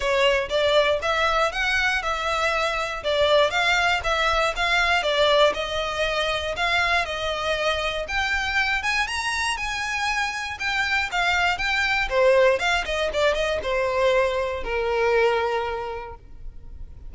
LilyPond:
\new Staff \with { instrumentName = "violin" } { \time 4/4 \tempo 4 = 119 cis''4 d''4 e''4 fis''4 | e''2 d''4 f''4 | e''4 f''4 d''4 dis''4~ | dis''4 f''4 dis''2 |
g''4. gis''8 ais''4 gis''4~ | gis''4 g''4 f''4 g''4 | c''4 f''8 dis''8 d''8 dis''8 c''4~ | c''4 ais'2. | }